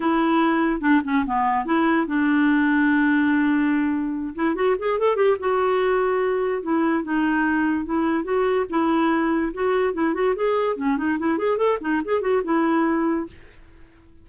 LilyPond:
\new Staff \with { instrumentName = "clarinet" } { \time 4/4 \tempo 4 = 145 e'2 d'8 cis'8 b4 | e'4 d'2.~ | d'2~ d'8 e'8 fis'8 gis'8 | a'8 g'8 fis'2. |
e'4 dis'2 e'4 | fis'4 e'2 fis'4 | e'8 fis'8 gis'4 cis'8 dis'8 e'8 gis'8 | a'8 dis'8 gis'8 fis'8 e'2 | }